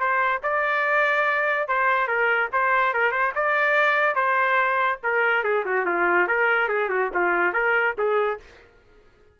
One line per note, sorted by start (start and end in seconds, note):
0.00 0.42 C5
0.43 1.68 D5
1.68 2.08 C5
2.08 2.50 A#4
2.53 2.94 C5
2.94 3.12 A#4
3.12 3.33 C5
3.36 4.15 D5
4.15 4.99 C5
5.04 5.44 A#4
5.44 5.65 G#4
5.66 5.86 F#4
5.86 6.28 F4
6.28 6.69 A#4
6.69 6.89 G#4
6.89 7.10 F#4
7.14 7.54 F4
7.54 7.95 A#4
7.98 8.40 G#4